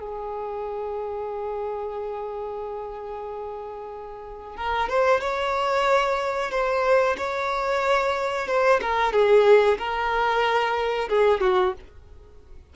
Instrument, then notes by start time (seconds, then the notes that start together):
violin
0.00 G#4
4.57 A#4
4.89 C5
5.21 C#5
6.51 C5
7.17 C#5
8.48 C5
8.81 A#4
9.13 G#4
9.78 A#4
11.09 G#4
11.41 F#4